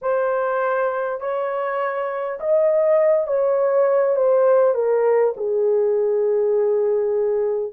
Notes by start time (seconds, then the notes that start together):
0.01 C5
1.20 C#5
2.40 D#5
3.27 C#5
4.16 C5
4.74 A#4
5.36 G#4